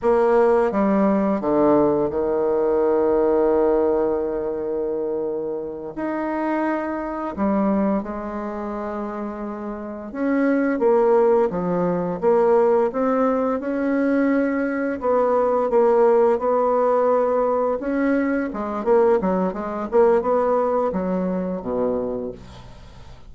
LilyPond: \new Staff \with { instrumentName = "bassoon" } { \time 4/4 \tempo 4 = 86 ais4 g4 d4 dis4~ | dis1~ | dis8 dis'2 g4 gis8~ | gis2~ gis8 cis'4 ais8~ |
ais8 f4 ais4 c'4 cis'8~ | cis'4. b4 ais4 b8~ | b4. cis'4 gis8 ais8 fis8 | gis8 ais8 b4 fis4 b,4 | }